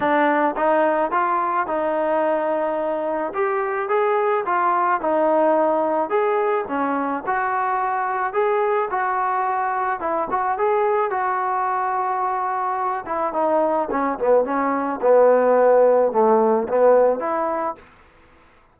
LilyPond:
\new Staff \with { instrumentName = "trombone" } { \time 4/4 \tempo 4 = 108 d'4 dis'4 f'4 dis'4~ | dis'2 g'4 gis'4 | f'4 dis'2 gis'4 | cis'4 fis'2 gis'4 |
fis'2 e'8 fis'8 gis'4 | fis'2.~ fis'8 e'8 | dis'4 cis'8 b8 cis'4 b4~ | b4 a4 b4 e'4 | }